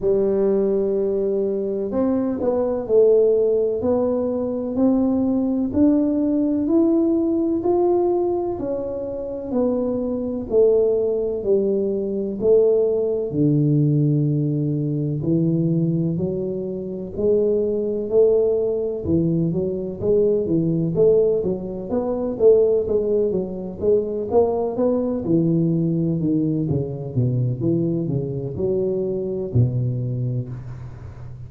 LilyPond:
\new Staff \with { instrumentName = "tuba" } { \time 4/4 \tempo 4 = 63 g2 c'8 b8 a4 | b4 c'4 d'4 e'4 | f'4 cis'4 b4 a4 | g4 a4 d2 |
e4 fis4 gis4 a4 | e8 fis8 gis8 e8 a8 fis8 b8 a8 | gis8 fis8 gis8 ais8 b8 e4 dis8 | cis8 b,8 e8 cis8 fis4 b,4 | }